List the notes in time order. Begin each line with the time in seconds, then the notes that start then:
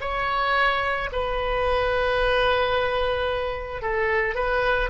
0.00 C#5
1.12 B4
3.81 A4
4.35 B4